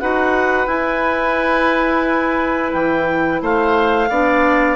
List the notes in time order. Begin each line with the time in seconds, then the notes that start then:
0.00 D#4 F#4 B4 F#5
0.67 E4 G#5
2.72 E3 G5
3.42 A3 C5 F5
4.10 B3 D4 D5